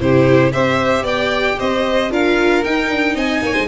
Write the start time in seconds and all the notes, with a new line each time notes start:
0.00 C3 E4 G4 C5
0.53 C4 G4 C5 E5
1.02 B3 D5 G5
1.59 C4 C5 D#5
2.10 D4 F4 A#4 F5
2.64 D#4 G5
2.89 D4
3.15 C4 D#5 G#5
3.42 A#3 C#5
3.53 G#3 C5